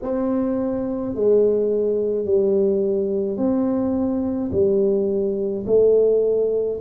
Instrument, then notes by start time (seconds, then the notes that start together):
tuba
0.02 C4
1.14 G#3
2.25 G3
3.37 C4
4.52 G3
5.66 A3